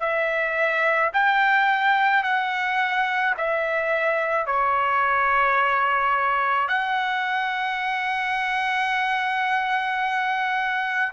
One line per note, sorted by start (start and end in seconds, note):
0.00 1.11 E5
1.14 2.23 G5
2.23 3.34 F#5
3.37 4.46 E5
4.46 6.68 C#5
6.68 11.13 F#5